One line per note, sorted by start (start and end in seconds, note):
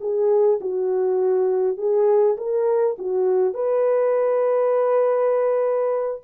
0.00 0.59 G#4
0.60 1.77 F#4
1.77 2.36 G#4
2.37 2.96 A#4
2.98 3.53 F#4
3.53 6.21 B4